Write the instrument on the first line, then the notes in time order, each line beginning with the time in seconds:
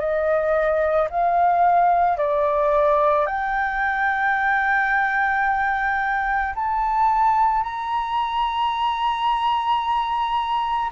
flute
0.00 D#5
1.11 F5
2.18 D5
3.27 G5
6.56 A5
7.64 A#5